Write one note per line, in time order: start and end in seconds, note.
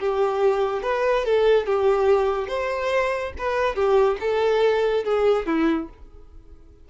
0.00 0.83 G4
0.83 1.25 B4
1.25 1.66 A4
1.66 2.48 G4
2.48 3.33 C5
3.38 3.75 B4
3.75 4.18 G4
4.20 5.04 A4
5.04 5.46 G#4
5.46 5.89 E4